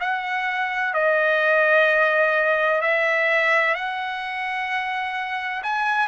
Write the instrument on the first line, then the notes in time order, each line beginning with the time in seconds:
trumpet
0.00 F#5
0.94 D#5
2.81 E5
3.75 F#5
5.63 G#5